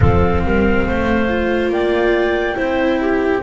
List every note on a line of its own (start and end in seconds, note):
0.00 0.44 F3
0.00 1.27 C4
0.00 0.43 A4
0.00 1.69 F5
0.44 0.86 G3
0.44 0.87 A#4
0.86 1.69 A3
0.86 1.72 C5
1.28 2.55 F4
1.69 2.55 A#3
1.69 2.57 D5
1.69 3.43 G5
2.55 3.43 C4
2.55 3.41 E4
2.55 3.00 C5
3.01 3.43 G4